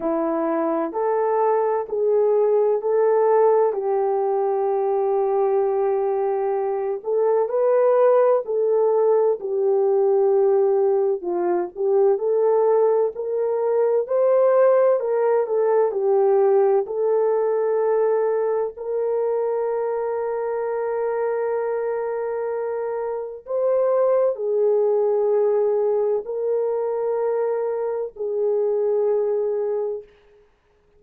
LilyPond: \new Staff \with { instrumentName = "horn" } { \time 4/4 \tempo 4 = 64 e'4 a'4 gis'4 a'4 | g'2.~ g'8 a'8 | b'4 a'4 g'2 | f'8 g'8 a'4 ais'4 c''4 |
ais'8 a'8 g'4 a'2 | ais'1~ | ais'4 c''4 gis'2 | ais'2 gis'2 | }